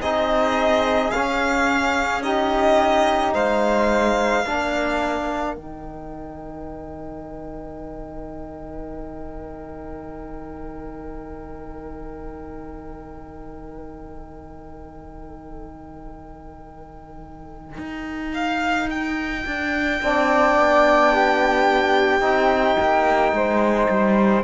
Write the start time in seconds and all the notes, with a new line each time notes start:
0.00 C4 D#4 G#4 D#5
1.11 C#4 F5
2.22 D#4 G4 D#5
3.34 G#3 C5 F5
4.44 A#3 D4 A#4
5.54 D#3 D#4 G5
17.78 D#4
18.34 F5
18.90 G5
19.45 D4
20.01 C4 D4 D5
20.58 B3
21.12 G4
22.20 C4 D#4
22.79 A#3
23.32 G#3 C5
23.88 G3